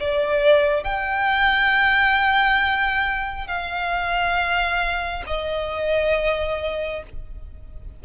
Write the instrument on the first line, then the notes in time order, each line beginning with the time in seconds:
violin
0.00 D5
0.84 G5
3.48 F5
5.27 D#5